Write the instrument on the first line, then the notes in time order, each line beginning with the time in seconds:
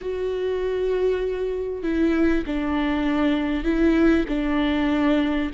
viola
0.01 F#4
1.82 E4
2.46 D4
3.64 E4
4.28 D4